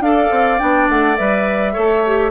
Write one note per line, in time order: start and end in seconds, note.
0.00 0.29 D4
0.00 0.59 A4
0.00 1.73 D5
0.00 0.59 F5
0.31 0.60 C4
0.59 0.89 B3
0.59 1.17 D4
0.59 0.88 G5
0.89 1.18 A3
0.89 1.17 F#5
1.17 1.77 G3
1.17 1.74 B4
1.17 2.31 E5
1.73 2.31 A3
1.73 2.03 A4
1.73 2.31 C#5
2.06 2.31 G4